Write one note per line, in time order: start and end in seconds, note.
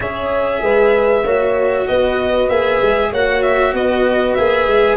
0.00 0.61 C#4
0.00 1.24 G#4
0.00 0.61 C#5
0.00 1.87 E5
0.61 1.23 G#3
0.61 1.24 B4
1.23 1.86 A#3
1.23 2.51 F#4
1.23 1.86 C#5
1.87 2.49 B3
1.87 3.10 B4
1.87 2.49 D#5
2.49 2.80 A#3
2.49 3.13 G#4
2.49 3.12 E5
2.81 3.12 G#3
3.10 3.73 A#3
3.10 4.38 F#4
3.10 3.73 C#5
3.10 3.42 F#5
3.42 3.73 E5
3.73 4.35 B3
3.73 4.97 B4
3.73 4.34 D#5
4.34 4.67 A#3
4.34 4.97 G#4
4.34 4.96 E5
4.67 4.97 G#3